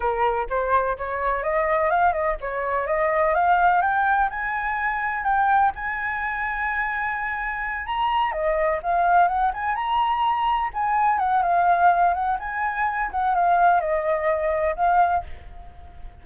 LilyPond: \new Staff \with { instrumentName = "flute" } { \time 4/4 \tempo 4 = 126 ais'4 c''4 cis''4 dis''4 | f''8 dis''8 cis''4 dis''4 f''4 | g''4 gis''2 g''4 | gis''1~ |
gis''8 ais''4 dis''4 f''4 fis''8 | gis''8 ais''2 gis''4 fis''8 | f''4. fis''8 gis''4. fis''8 | f''4 dis''2 f''4 | }